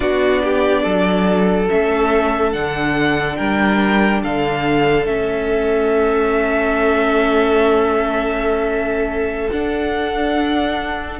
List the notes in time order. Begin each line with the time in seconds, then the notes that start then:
0.00 B3 D4 F#4 D5
0.43 G4
0.82 F#3 A4
1.68 A3 C#4 E5
2.52 D3 D4 F#5
3.36 G3 A#4 G5
4.22 D3 A4 F5
5.05 A3 C#4 E5
9.51 D4 F#5